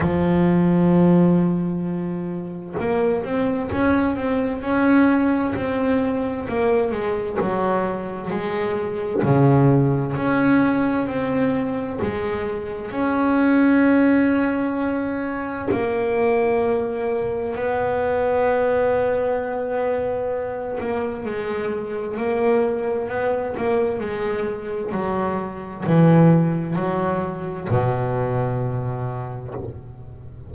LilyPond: \new Staff \with { instrumentName = "double bass" } { \time 4/4 \tempo 4 = 65 f2. ais8 c'8 | cis'8 c'8 cis'4 c'4 ais8 gis8 | fis4 gis4 cis4 cis'4 | c'4 gis4 cis'2~ |
cis'4 ais2 b4~ | b2~ b8 ais8 gis4 | ais4 b8 ais8 gis4 fis4 | e4 fis4 b,2 | }